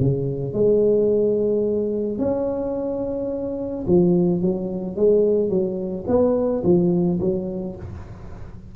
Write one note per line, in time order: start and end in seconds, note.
0.00 0.53 C#3
0.53 2.19 G#3
2.19 3.85 C#4
3.87 4.41 F3
4.41 4.96 F#3
4.96 5.49 G#3
5.49 6.05 F#3
6.07 6.63 B3
6.64 7.19 F3
7.20 7.76 F#3